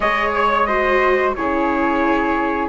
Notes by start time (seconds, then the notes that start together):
0.00 G#3 G#4 C#5 D#5
0.33 C#5
0.65 F#4 C5 D#5
1.35 C#3 E4 G#4 C#5